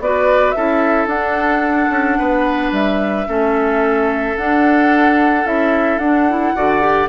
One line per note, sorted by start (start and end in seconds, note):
0.00 0.55 B3
0.00 0.56 F#4
0.00 0.57 B4
0.00 0.52 D5
0.52 1.07 C#4
0.52 1.10 E4
0.52 2.19 A4
0.52 1.06 E5
1.07 1.89 D4
1.07 3.27 D4
1.07 2.72 F#5
1.90 2.17 C#4
2.19 2.72 B3
2.19 3.28 B4
2.72 3.27 G3
2.72 4.38 E5
3.27 4.37 A3
3.27 4.36 C#4
3.27 6.56 A4
4.37 5.46 D4
4.37 5.45 D4
4.37 5.47 F#5
5.45 5.98 C#4
5.45 6.00 E4
5.45 5.99 E5
5.98 6.53 D4
5.98 6.30 D4
5.98 7.08 F#5
6.30 6.56 E4
6.56 7.09 D3
6.56 6.81 F#4
6.56 7.09 D5
6.81 7.09 G4